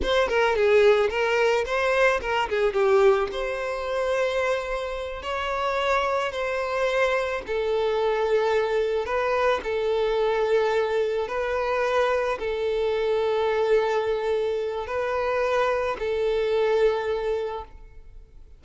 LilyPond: \new Staff \with { instrumentName = "violin" } { \time 4/4 \tempo 4 = 109 c''8 ais'8 gis'4 ais'4 c''4 | ais'8 gis'8 g'4 c''2~ | c''4. cis''2 c''8~ | c''4. a'2~ a'8~ |
a'8 b'4 a'2~ a'8~ | a'8 b'2 a'4.~ | a'2. b'4~ | b'4 a'2. | }